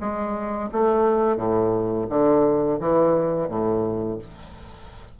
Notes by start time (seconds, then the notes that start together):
0.00 G#3
0.72 A3
1.36 A2
2.09 D3
2.80 E3
3.48 A2